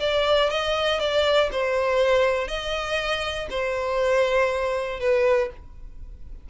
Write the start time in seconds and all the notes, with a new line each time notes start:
0.00 D5
0.50 D#5
1.00 D5
1.52 C5
2.48 D#5
3.50 C5
5.00 B4